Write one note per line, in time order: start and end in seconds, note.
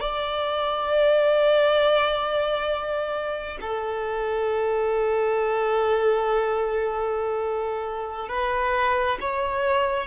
0.00 3.58 D5
3.61 8.29 A4
8.29 9.18 B4
9.21 10.07 C#5